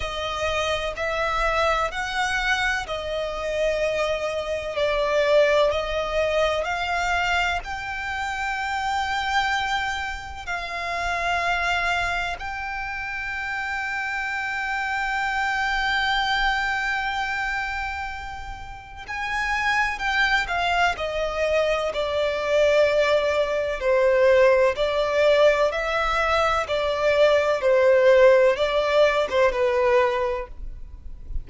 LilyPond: \new Staff \with { instrumentName = "violin" } { \time 4/4 \tempo 4 = 63 dis''4 e''4 fis''4 dis''4~ | dis''4 d''4 dis''4 f''4 | g''2. f''4~ | f''4 g''2.~ |
g''1 | gis''4 g''8 f''8 dis''4 d''4~ | d''4 c''4 d''4 e''4 | d''4 c''4 d''8. c''16 b'4 | }